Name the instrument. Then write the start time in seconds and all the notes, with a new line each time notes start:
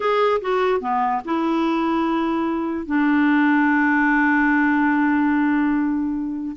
clarinet
0.00 G#4
0.41 F#4
0.80 B3
1.25 E4
2.86 D4